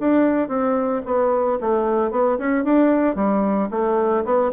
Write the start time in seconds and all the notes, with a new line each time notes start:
0.00 D4
0.48 C4
1.06 B3
1.61 A3
2.11 B3
2.38 C#4
2.65 D4
3.16 G3
3.71 A3
4.25 B3